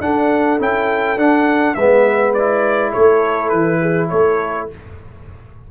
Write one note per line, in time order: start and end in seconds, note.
0.00 0.58 D4
0.00 0.59 D4
0.00 1.76 A4
0.00 0.59 F#5
0.59 1.17 C#4
0.59 1.17 E4
0.59 1.18 G5
1.17 1.75 D4
1.17 1.76 D4
1.17 1.74 F#5
1.74 2.93 G#3
1.74 2.38 B3
1.74 2.92 B4
1.74 2.33 E5
2.33 4.71 E4
2.33 2.92 D5
2.92 3.52 A3
2.92 3.79 A4
2.92 3.49 C#5
3.49 4.10 E3
3.49 4.07 B4
3.81 4.10 G#4
4.09 4.69 A3
4.09 4.69 A4
4.09 4.67 C#5